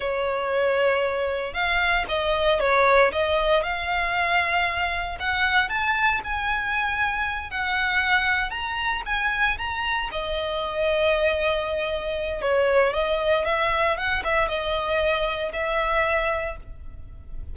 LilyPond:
\new Staff \with { instrumentName = "violin" } { \time 4/4 \tempo 4 = 116 cis''2. f''4 | dis''4 cis''4 dis''4 f''4~ | f''2 fis''4 a''4 | gis''2~ gis''8 fis''4.~ |
fis''8 ais''4 gis''4 ais''4 dis''8~ | dis''1 | cis''4 dis''4 e''4 fis''8 e''8 | dis''2 e''2 | }